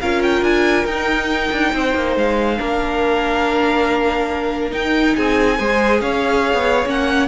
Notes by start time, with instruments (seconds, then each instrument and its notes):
0.00 cello C#4, viola F4, violin A#4 F5
0.22 violin G5
0.42 cello D4, violin G#5
0.85 cello D#4, viola D#4, violin G5
1.51 cello D4
1.73 cello C4, violin C5
1.95 cello A#3
2.16 cello G#3, violin F5
2.57 cello A#3, viola D4, violin A#4
4.71 viola D#4, cello D#4, violin G5
5.15 cello C4, violin G#4 G#5
5.58 cello G#3, viola G#4, violin C5
6.01 cello C#4, violin C#5 F5
6.53 cello B3
6.85 cello A#3, viola C#4, violin F#5